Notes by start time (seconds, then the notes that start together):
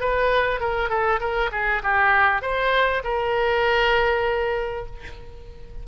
0.00 B4
0.60 A#4
0.89 A4
1.20 A#4
1.52 G#4
1.83 G4
2.42 C5
3.04 A#4